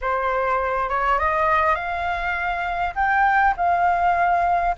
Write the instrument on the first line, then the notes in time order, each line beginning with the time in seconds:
flute
0.01 C5
0.89 C#5
1.18 D#5
1.75 F5
2.95 G5
3.56 F5